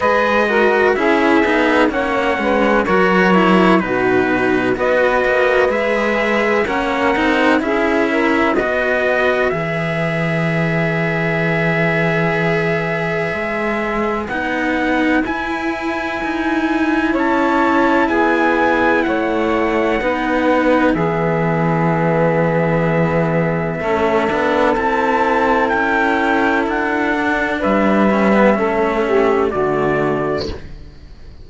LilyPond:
<<
  \new Staff \with { instrumentName = "trumpet" } { \time 4/4 \tempo 4 = 63 dis''4 e''4 fis''4 cis''4 | b'4 dis''4 e''4 fis''4 | e''4 dis''4 e''2~ | e''2. fis''4 |
gis''2 a''4 gis''4 | fis''2 e''2~ | e''2 a''4 g''4 | fis''4 e''2 d''4 | }
  \new Staff \with { instrumentName = "saxophone" } { \time 4/4 b'8 ais'8 gis'4 cis''8 b'8 ais'4 | fis'4 b'2 ais'4 | gis'8 ais'8 b'2.~ | b'1~ |
b'2 cis''4 gis'4 | cis''4 b'4 gis'2~ | gis'4 a'2.~ | a'4 b'4 a'8 g'8 fis'4 | }
  \new Staff \with { instrumentName = "cello" } { \time 4/4 gis'8 fis'8 e'8 dis'8 cis'4 fis'8 e'8 | dis'4 fis'4 gis'4 cis'8 dis'8 | e'4 fis'4 gis'2~ | gis'2. dis'4 |
e'1~ | e'4 dis'4 b2~ | b4 cis'8 d'8 e'2~ | e'8 d'4 cis'16 b16 cis'4 a4 | }
  \new Staff \with { instrumentName = "cello" } { \time 4/4 gis4 cis'8 b8 ais8 gis8 fis4 | b,4 b8 ais8 gis4 ais8 c'8 | cis'4 b4 e2~ | e2 gis4 b4 |
e'4 dis'4 cis'4 b4 | a4 b4 e2~ | e4 a8 b8 c'4 cis'4 | d'4 g4 a4 d4 | }
>>